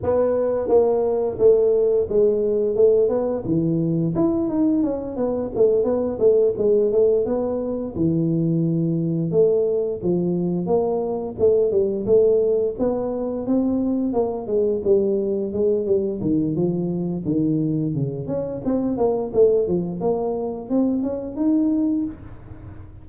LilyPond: \new Staff \with { instrumentName = "tuba" } { \time 4/4 \tempo 4 = 87 b4 ais4 a4 gis4 | a8 b8 e4 e'8 dis'8 cis'8 b8 | a8 b8 a8 gis8 a8 b4 e8~ | e4. a4 f4 ais8~ |
ais8 a8 g8 a4 b4 c'8~ | c'8 ais8 gis8 g4 gis8 g8 dis8 | f4 dis4 cis8 cis'8 c'8 ais8 | a8 f8 ais4 c'8 cis'8 dis'4 | }